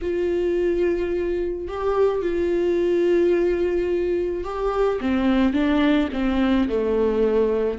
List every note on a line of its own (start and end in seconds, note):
0.01 1.67 F4
1.67 2.22 G4
2.22 4.43 F4
4.43 4.99 G4
5.00 5.53 C4
5.53 6.08 D4
6.12 6.68 C4
6.68 7.78 A3